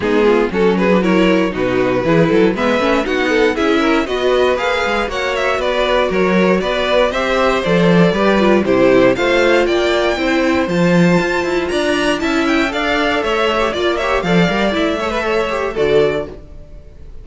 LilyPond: <<
  \new Staff \with { instrumentName = "violin" } { \time 4/4 \tempo 4 = 118 gis'4 a'8 b'8 cis''4 b'4~ | b'4 e''4 fis''4 e''4 | dis''4 f''4 fis''8 e''8 d''4 | cis''4 d''4 e''4 d''4~ |
d''4 c''4 f''4 g''4~ | g''4 a''2 ais''4 | a''8 g''8 f''4 e''4 d''8 e''8 | f''4 e''2 d''4 | }
  \new Staff \with { instrumentName = "violin" } { \time 4/4 dis'8 f'8 fis'8 gis'8 ais'4 fis'4 | gis'8 a'8 b'4 fis'8 a'8 gis'8 ais'8 | b'2 cis''4 b'4 | ais'4 b'4 c''2 |
b'4 g'4 c''4 d''4 | c''2. d''4 | e''4 d''4 cis''4 d''8 cis''8 | d''4. cis''16 b'16 cis''4 a'4 | }
  \new Staff \with { instrumentName = "viola" } { \time 4/4 b4 cis'8. d'16 e'4 dis'4 | e'4 b8 cis'8 dis'4 e'4 | fis'4 gis'4 fis'2~ | fis'2 g'4 a'4 |
g'8 f'8 e'4 f'2 | e'4 f'2. | e'4 a'4.~ a'16 g'16 f'8 g'8 | a'8 ais'8 e'8 a'4 g'8 fis'4 | }
  \new Staff \with { instrumentName = "cello" } { \time 4/4 gis4 fis2 b,4 | e8 fis8 gis8 a8 b4 cis'4 | b4 ais8 gis8 ais4 b4 | fis4 b4 c'4 f4 |
g4 c4 a4 ais4 | c'4 f4 f'8 e'8 d'4 | cis'4 d'4 a4 ais4 | f8 g8 a2 d4 | }
>>